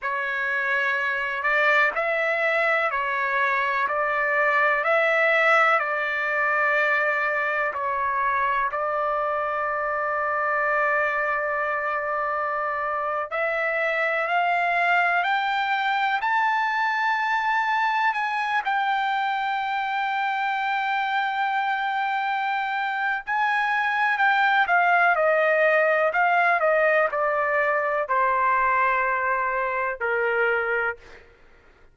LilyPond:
\new Staff \with { instrumentName = "trumpet" } { \time 4/4 \tempo 4 = 62 cis''4. d''8 e''4 cis''4 | d''4 e''4 d''2 | cis''4 d''2.~ | d''4.~ d''16 e''4 f''4 g''16~ |
g''8. a''2 gis''8 g''8.~ | g''1 | gis''4 g''8 f''8 dis''4 f''8 dis''8 | d''4 c''2 ais'4 | }